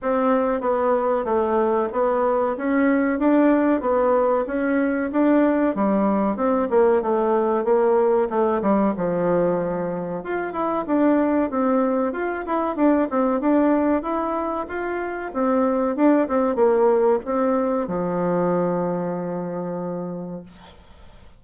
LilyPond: \new Staff \with { instrumentName = "bassoon" } { \time 4/4 \tempo 4 = 94 c'4 b4 a4 b4 | cis'4 d'4 b4 cis'4 | d'4 g4 c'8 ais8 a4 | ais4 a8 g8 f2 |
f'8 e'8 d'4 c'4 f'8 e'8 | d'8 c'8 d'4 e'4 f'4 | c'4 d'8 c'8 ais4 c'4 | f1 | }